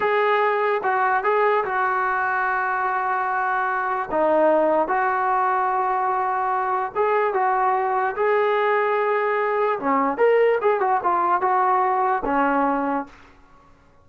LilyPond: \new Staff \with { instrumentName = "trombone" } { \time 4/4 \tempo 4 = 147 gis'2 fis'4 gis'4 | fis'1~ | fis'2 dis'2 | fis'1~ |
fis'4 gis'4 fis'2 | gis'1 | cis'4 ais'4 gis'8 fis'8 f'4 | fis'2 cis'2 | }